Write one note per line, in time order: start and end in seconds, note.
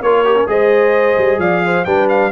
0.00 0.46 A#3
0.00 0.25 F4
0.00 0.49 A#4
0.00 0.48 C#5
0.25 0.35 G4
0.35 0.47 C#4
0.47 1.16 G#3
0.47 1.85 G#4
0.47 1.40 C5
0.47 1.39 D#5
1.17 1.38 G3
1.38 1.84 F3
1.38 1.63 D5
1.38 1.84 F5
1.65 1.86 C5
1.84 2.32 G3
1.84 2.32 D4
1.84 2.32 B4
1.84 2.07 G5
2.09 2.32 F5